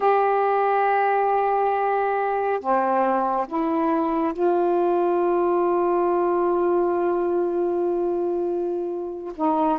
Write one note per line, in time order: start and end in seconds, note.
0.00 2.59 G4
2.59 3.46 C4
3.47 4.33 E4
4.33 9.33 F4
9.35 9.78 D#4